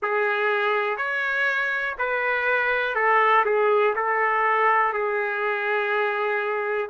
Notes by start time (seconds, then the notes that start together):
0.02 G#4
0.97 C#5
1.98 B4
2.95 A4
3.45 G#4
3.95 A4
4.93 G#4